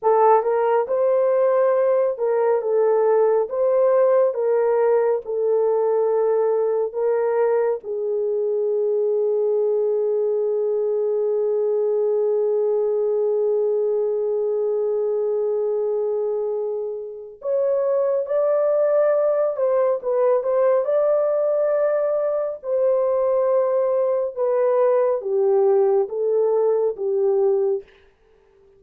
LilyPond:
\new Staff \with { instrumentName = "horn" } { \time 4/4 \tempo 4 = 69 a'8 ais'8 c''4. ais'8 a'4 | c''4 ais'4 a'2 | ais'4 gis'2.~ | gis'1~ |
gis'1 | cis''4 d''4. c''8 b'8 c''8 | d''2 c''2 | b'4 g'4 a'4 g'4 | }